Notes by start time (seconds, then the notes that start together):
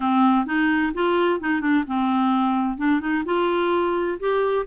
0.00 C4
0.45 D#4
0.94 F4
1.40 D#4
1.60 D4
1.87 C4
2.77 D4
3.00 D#4
3.25 F4
4.19 G4